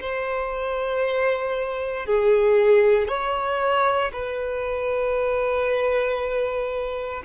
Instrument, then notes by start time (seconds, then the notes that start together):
violin
0.00 C5
2.06 G#4
3.08 C#5
4.12 B4